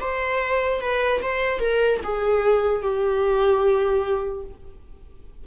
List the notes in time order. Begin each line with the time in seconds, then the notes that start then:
0.00 C5
0.81 B4
1.22 C5
1.60 A#4
2.04 G#4
2.82 G4